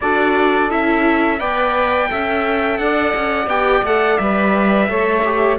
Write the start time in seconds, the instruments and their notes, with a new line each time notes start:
0.01 cello D4, viola F#4, saxophone A4, trumpet D5
0.69 cello C#4, viola E4, trumpet E5
1.39 cello B3, viola B4, saxophone D5, trumpet G5
2.08 cello C#4, viola A4, saxophone E5
2.78 cello D4, saxophone D5, trumpet F#5
3.15 cello C#4
3.46 cello B3, viola G4, trumpet G5
3.82 cello A3, viola A4, trumpet F#5
4.17 cello G3, viola B4, trumpet E5
4.88 cello A3, viola A4, saxophone C#5
5.24 viola G4